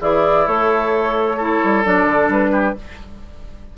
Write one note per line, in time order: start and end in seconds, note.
0.00 0.47 E3
0.00 1.36 E4
0.00 0.46 G#4
0.00 0.47 D5
0.46 1.61 A3
0.46 1.38 A4
0.46 1.84 C#5
1.36 1.84 E4
1.36 2.51 A4
1.63 1.85 G3
1.84 2.05 F#3
1.84 2.76 D4
1.84 2.30 D5
2.05 2.28 D3
2.28 2.74 G3
2.28 2.77 B4
2.51 2.74 G4